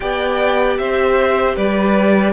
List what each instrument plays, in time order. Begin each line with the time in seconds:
0.00 cello B3, viola G4, violin D5 G5
0.78 cello C4, violin C5 E5
1.55 cello G3, violin B4 D5